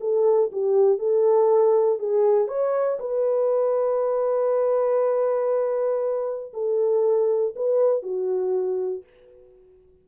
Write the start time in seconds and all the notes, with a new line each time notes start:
0.00 A4
0.52 G4
0.99 A4
1.99 G#4
2.48 C#5
3.00 B4
6.54 A4
7.56 B4
8.03 F#4